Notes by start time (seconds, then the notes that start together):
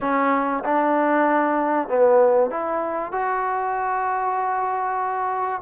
0.01 C#4
0.64 D4
1.88 B3
2.50 E4
3.12 F#4